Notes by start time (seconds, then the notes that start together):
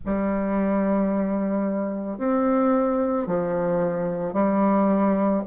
0.05 G3
2.18 C4
3.27 F3
4.33 G3